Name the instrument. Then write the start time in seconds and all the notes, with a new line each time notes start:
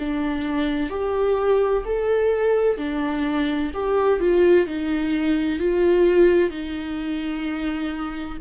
viola
0.00 D4
0.90 G4
1.85 A4
2.78 D4
3.75 G4
4.20 F4
4.67 D#4
5.60 F4
6.51 D#4